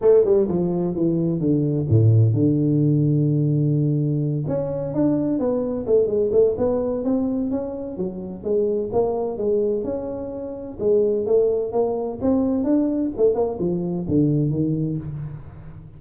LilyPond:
\new Staff \with { instrumentName = "tuba" } { \time 4/4 \tempo 4 = 128 a8 g8 f4 e4 d4 | a,4 d2.~ | d4. cis'4 d'4 b8~ | b8 a8 gis8 a8 b4 c'4 |
cis'4 fis4 gis4 ais4 | gis4 cis'2 gis4 | a4 ais4 c'4 d'4 | a8 ais8 f4 d4 dis4 | }